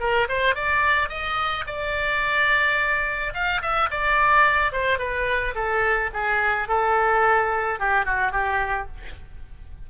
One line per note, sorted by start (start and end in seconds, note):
0.00 0.28 A#4
0.29 0.55 C5
0.55 1.09 D5
1.09 1.65 D#5
1.67 3.33 D5
3.34 3.61 F5
3.62 3.89 E5
3.91 4.72 D5
4.72 4.99 C5
4.99 5.54 B4
5.55 6.10 A4
6.13 6.68 G#4
6.68 7.79 A4
7.79 8.05 G4
8.05 8.32 F#4
8.32 8.87 G4